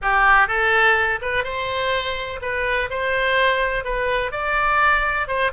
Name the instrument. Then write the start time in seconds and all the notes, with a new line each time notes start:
oboe
0.02 G4
0.47 A4
1.21 B4
1.44 C5
2.41 B4
2.90 C5
3.84 B4
4.31 D5
5.27 C5